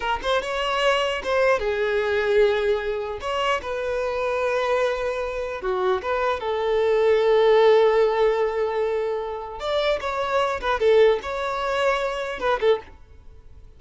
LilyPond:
\new Staff \with { instrumentName = "violin" } { \time 4/4 \tempo 4 = 150 ais'8 c''8 cis''2 c''4 | gis'1 | cis''4 b'2.~ | b'2 fis'4 b'4 |
a'1~ | a'1 | d''4 cis''4. b'8 a'4 | cis''2. b'8 a'8 | }